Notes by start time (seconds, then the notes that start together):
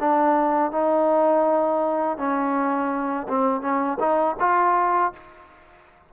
0.00 D4
0.72 D#4
2.18 C#4
3.28 C4
3.62 C#4
3.99 D#4
4.40 F4